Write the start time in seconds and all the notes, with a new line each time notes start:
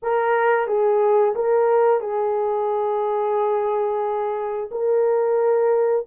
0.02 A#4
0.67 G#4
1.35 A#4
2.00 G#4
4.71 A#4